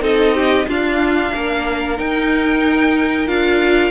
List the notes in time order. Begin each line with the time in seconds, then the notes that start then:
0.00 C4 D#4 A4 D#5
0.34 G4
0.67 D4 F4 F5
1.34 A#3 A#4
1.97 D#4 G5
3.26 D4 F4 F5